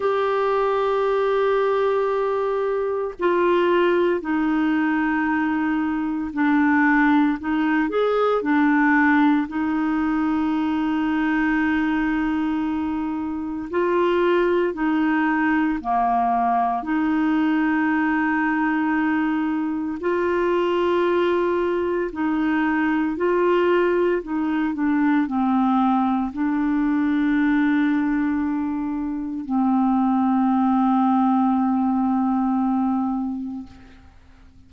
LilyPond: \new Staff \with { instrumentName = "clarinet" } { \time 4/4 \tempo 4 = 57 g'2. f'4 | dis'2 d'4 dis'8 gis'8 | d'4 dis'2.~ | dis'4 f'4 dis'4 ais4 |
dis'2. f'4~ | f'4 dis'4 f'4 dis'8 d'8 | c'4 d'2. | c'1 | }